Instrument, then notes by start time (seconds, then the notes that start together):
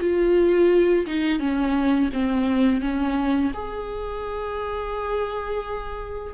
viola
0.00 F4
1.07 D#4
1.39 C#4
2.13 C4
2.81 C#4
3.54 G#4